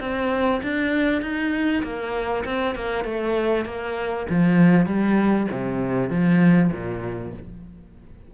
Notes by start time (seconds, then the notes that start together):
0.00 C4
0.63 D4
1.22 D#4
1.83 A#3
2.45 C4
2.75 A#3
3.04 A3
3.65 A#3
4.30 F3
4.86 G3
5.51 C3
6.10 F3
6.72 A#2